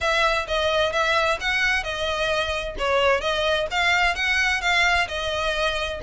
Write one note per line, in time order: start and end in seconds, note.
0.00 0.47 E5
0.47 0.92 D#5
0.92 1.38 E5
1.40 1.83 F#5
1.83 2.75 D#5
2.78 3.20 C#5
3.20 3.67 D#5
3.70 4.15 F5
4.15 4.61 F#5
4.61 5.07 F5
5.08 6.00 D#5